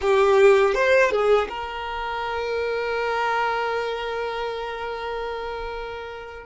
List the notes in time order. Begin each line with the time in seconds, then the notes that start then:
0.01 G4
0.74 C5
1.11 G#4
1.48 A#4